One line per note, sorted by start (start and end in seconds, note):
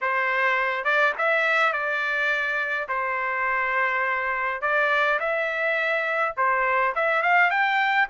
0.01 0.84 C5
0.84 1.13 D5
1.17 1.72 E5
1.72 2.88 D5
2.88 4.61 C5
4.61 5.19 D5
5.19 6.35 E5
6.36 6.94 C5
6.95 7.22 E5
7.22 7.50 F5
7.50 8.08 G5